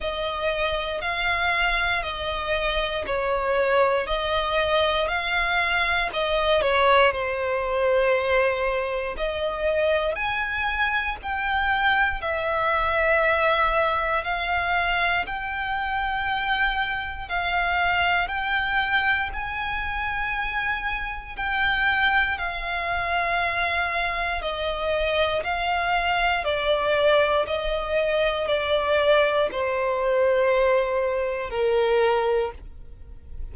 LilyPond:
\new Staff \with { instrumentName = "violin" } { \time 4/4 \tempo 4 = 59 dis''4 f''4 dis''4 cis''4 | dis''4 f''4 dis''8 cis''8 c''4~ | c''4 dis''4 gis''4 g''4 | e''2 f''4 g''4~ |
g''4 f''4 g''4 gis''4~ | gis''4 g''4 f''2 | dis''4 f''4 d''4 dis''4 | d''4 c''2 ais'4 | }